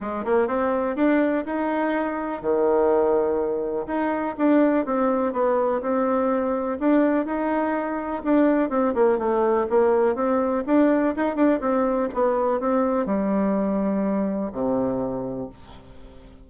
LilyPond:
\new Staff \with { instrumentName = "bassoon" } { \time 4/4 \tempo 4 = 124 gis8 ais8 c'4 d'4 dis'4~ | dis'4 dis2. | dis'4 d'4 c'4 b4 | c'2 d'4 dis'4~ |
dis'4 d'4 c'8 ais8 a4 | ais4 c'4 d'4 dis'8 d'8 | c'4 b4 c'4 g4~ | g2 c2 | }